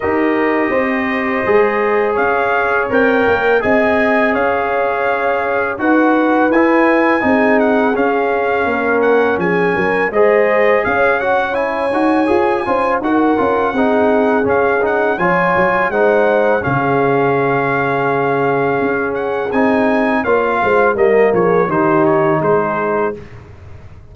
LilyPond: <<
  \new Staff \with { instrumentName = "trumpet" } { \time 4/4 \tempo 4 = 83 dis''2. f''4 | g''4 gis''4 f''2 | fis''4 gis''4. fis''8 f''4~ | f''8 fis''8 gis''4 dis''4 f''8 fis''8 |
gis''2 fis''2 | f''8 fis''8 gis''4 fis''4 f''4~ | f''2~ f''8 fis''8 gis''4 | f''4 dis''8 cis''8 c''8 cis''8 c''4 | }
  \new Staff \with { instrumentName = "horn" } { \time 4/4 ais'4 c''2 cis''4~ | cis''4 dis''4 cis''2 | b'2 gis'2 | ais'4 gis'8 ais'8 c''4 cis''4~ |
cis''4. c''8 ais'4 gis'4~ | gis'4 cis''4 c''4 gis'4~ | gis'1 | cis''8 c''8 ais'8 gis'8 g'4 gis'4 | }
  \new Staff \with { instrumentName = "trombone" } { \time 4/4 g'2 gis'2 | ais'4 gis'2. | fis'4 e'4 dis'4 cis'4~ | cis'2 gis'4. fis'8 |
e'8 fis'8 gis'8 f'8 fis'8 f'8 dis'4 | cis'8 dis'8 f'4 dis'4 cis'4~ | cis'2. dis'4 | f'4 ais4 dis'2 | }
  \new Staff \with { instrumentName = "tuba" } { \time 4/4 dis'4 c'4 gis4 cis'4 | c'8 ais8 c'4 cis'2 | dis'4 e'4 c'4 cis'4 | ais4 f8 fis8 gis4 cis'4~ |
cis'8 dis'8 f'8 cis'8 dis'8 cis'8 c'4 | cis'4 f8 fis8 gis4 cis4~ | cis2 cis'4 c'4 | ais8 gis8 g8 f8 dis4 gis4 | }
>>